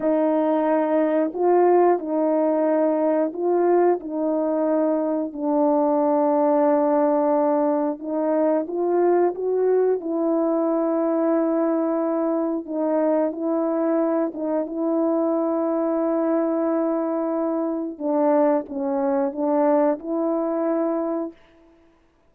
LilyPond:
\new Staff \with { instrumentName = "horn" } { \time 4/4 \tempo 4 = 90 dis'2 f'4 dis'4~ | dis'4 f'4 dis'2 | d'1 | dis'4 f'4 fis'4 e'4~ |
e'2. dis'4 | e'4. dis'8 e'2~ | e'2. d'4 | cis'4 d'4 e'2 | }